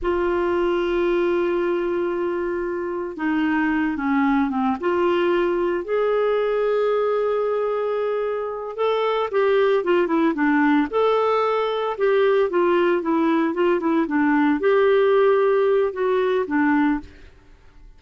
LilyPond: \new Staff \with { instrumentName = "clarinet" } { \time 4/4 \tempo 4 = 113 f'1~ | f'2 dis'4. cis'8~ | cis'8 c'8 f'2 gis'4~ | gis'1~ |
gis'8 a'4 g'4 f'8 e'8 d'8~ | d'8 a'2 g'4 f'8~ | f'8 e'4 f'8 e'8 d'4 g'8~ | g'2 fis'4 d'4 | }